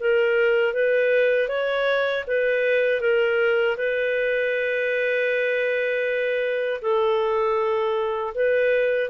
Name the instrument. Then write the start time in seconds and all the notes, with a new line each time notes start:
clarinet
0.00 A#4
0.74 B4
1.48 C#5
2.27 B4
3.01 A#4
3.77 B4
6.82 A4
8.34 B4